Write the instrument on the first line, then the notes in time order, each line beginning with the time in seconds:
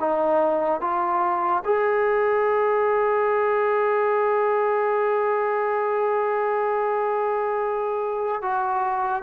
trombone
0.00 D#4
0.81 F4
1.65 G#4
8.42 F#4